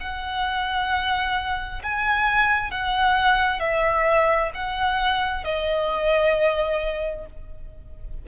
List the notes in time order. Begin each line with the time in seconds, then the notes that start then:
0.00 F#5
1.83 G#5
2.71 F#5
3.60 E5
4.54 F#5
5.44 D#5